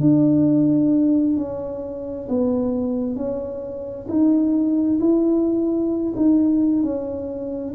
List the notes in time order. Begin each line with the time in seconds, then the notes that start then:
0.00 D4
1.36 C#4
2.29 B3
3.16 C#4
4.08 D#4
5.00 E4
6.16 D#4
6.83 C#4